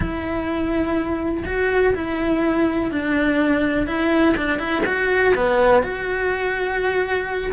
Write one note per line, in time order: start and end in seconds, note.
0.00 1.44 E4
1.45 1.94 F#4
1.94 2.91 E4
2.91 3.86 D4
3.86 4.35 E4
4.37 4.58 D4
4.58 4.83 E4
4.86 5.34 F#4
5.34 5.82 B3
5.82 7.52 F#4